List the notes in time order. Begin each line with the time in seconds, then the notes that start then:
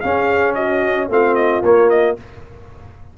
0.00 C#4 G#4 F5
0.54 F#4 D#5
1.08 A3 C4 F4 F5
1.35 D#5
1.62 A#3 C#5
1.89 D#5